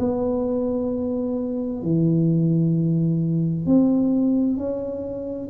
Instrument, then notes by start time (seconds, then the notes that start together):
tuba
0.00 B3
1.83 E3
3.66 C4
4.58 C#4